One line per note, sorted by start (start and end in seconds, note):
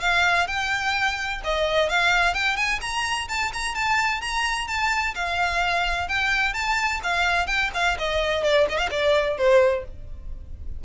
0.00 0.47 F5
0.47 1.41 G5
1.44 1.89 D#5
1.89 2.34 F5
2.34 2.56 G5
2.56 2.80 G#5
2.81 3.28 A#5
3.28 3.52 A5
3.53 3.75 A#5
3.75 4.21 A5
4.21 4.67 A#5
4.67 5.14 A5
5.15 6.08 F5
6.08 6.53 G5
6.53 7.00 A5
7.03 7.47 F5
7.47 7.70 G5
7.74 7.97 F5
7.98 8.43 D#5
8.43 8.67 D5
8.69 8.77 D#5
8.77 8.89 F5
8.90 9.37 D5
9.37 9.84 C5